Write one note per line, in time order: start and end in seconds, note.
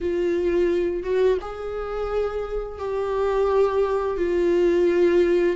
0.01 1.03 F4
1.03 1.38 F#4
1.41 2.78 G#4
2.78 4.17 G4
4.17 5.56 F4